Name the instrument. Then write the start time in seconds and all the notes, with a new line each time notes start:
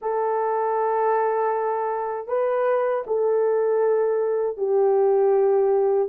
horn
0.01 A4
2.28 B4
3.07 A4
4.57 G4